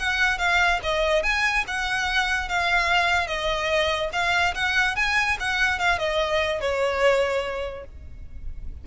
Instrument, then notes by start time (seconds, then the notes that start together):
violin
0.00 F#5
0.39 F5
0.83 D#5
1.24 G#5
1.68 F#5
2.49 F5
3.27 D#5
4.13 F5
4.55 F#5
4.96 G#5
5.40 F#5
5.79 F5
5.99 D#5
6.61 C#5